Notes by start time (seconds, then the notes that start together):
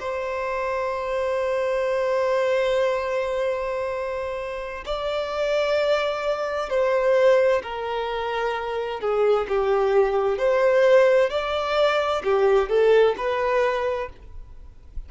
0.00 C5
4.86 D5
6.70 C5
7.63 A#4
9.01 G#4
9.49 G4
10.38 C5
11.30 D5
12.24 G4
12.69 A4
13.17 B4